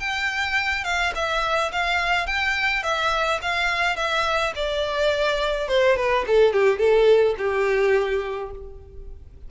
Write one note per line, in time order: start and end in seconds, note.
0.00 0.85 G5
0.85 1.13 F5
1.15 1.72 E5
1.73 2.27 F5
2.27 2.84 G5
2.84 3.40 E5
3.42 3.97 F5
3.97 4.53 E5
4.56 5.69 D5
5.69 5.97 C5
5.97 6.25 B4
6.28 6.54 A4
6.54 6.79 G4
6.79 7.36 A4
7.38 8.52 G4